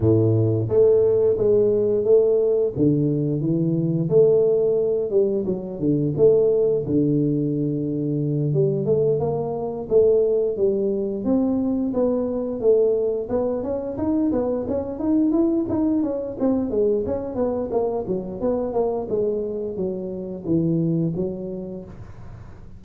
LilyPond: \new Staff \with { instrumentName = "tuba" } { \time 4/4 \tempo 4 = 88 a,4 a4 gis4 a4 | d4 e4 a4. g8 | fis8 d8 a4 d2~ | d8 g8 a8 ais4 a4 g8~ |
g8 c'4 b4 a4 b8 | cis'8 dis'8 b8 cis'8 dis'8 e'8 dis'8 cis'8 | c'8 gis8 cis'8 b8 ais8 fis8 b8 ais8 | gis4 fis4 e4 fis4 | }